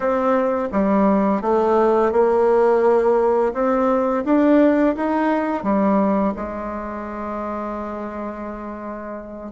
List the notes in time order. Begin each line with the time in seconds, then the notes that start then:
0.00 C4
0.72 G3
1.41 A3
2.12 A#3
3.53 C4
4.24 D4
4.96 D#4
5.63 G3
6.35 G#3